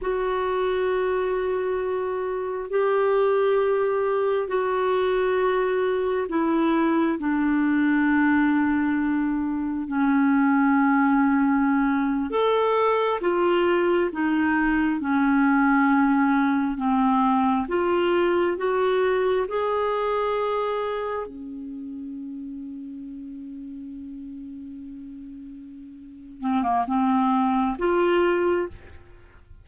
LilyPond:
\new Staff \with { instrumentName = "clarinet" } { \time 4/4 \tempo 4 = 67 fis'2. g'4~ | g'4 fis'2 e'4 | d'2. cis'4~ | cis'4.~ cis'16 a'4 f'4 dis'16~ |
dis'8. cis'2 c'4 f'16~ | f'8. fis'4 gis'2 cis'16~ | cis'1~ | cis'4. c'16 ais16 c'4 f'4 | }